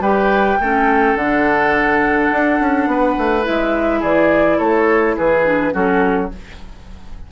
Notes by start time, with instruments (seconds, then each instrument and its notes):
0.00 bassoon G3, clarinet G4, oboe B4, flute G5
0.60 bassoon A3, clarinet C#4, oboe A4
1.15 bassoon D3, clarinet D4, flute F#5
2.31 bassoon D4
2.60 bassoon C#4
2.87 bassoon B3, oboe B4
3.18 bassoon A3
3.43 bassoon G#3, clarinet E4, flute E5
4.00 bassoon E3, oboe G#4, flute D5
4.59 bassoon A3, oboe A4, flute C#5
5.17 bassoon E3, oboe G#4, flute B4
5.44 clarinet D4
5.72 bassoon F#3, clarinet C#4, oboe F#4, flute A4